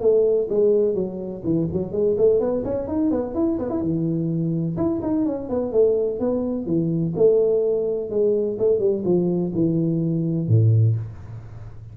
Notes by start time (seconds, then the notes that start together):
0.00 A3
0.49 G#3
0.94 F#3
1.44 E3
1.72 F#3
1.92 G#3
2.17 A3
2.40 B3
2.64 C#4
2.87 D#4
3.11 B3
3.34 E4
3.59 B3
3.69 E4
3.81 E3
4.76 E4
5.02 D#4
5.26 C#4
5.49 B3
5.72 A3
6.19 B3
6.66 E3
7.16 A3
8.10 G#3
8.58 A3
8.79 G3
9.04 F3
9.54 E3
10.48 A2